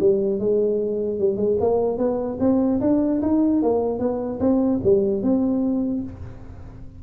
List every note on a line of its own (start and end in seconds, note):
0.00 0.40 G3
0.40 1.19 G#3
1.19 1.37 G3
1.37 1.57 G#3
1.60 1.98 A#3
1.98 2.38 B3
2.40 2.80 C4
2.81 3.21 D4
3.22 3.62 D#4
3.63 3.99 A#3
3.99 4.39 B3
4.40 4.80 C4
4.84 5.23 G3
5.23 6.03 C4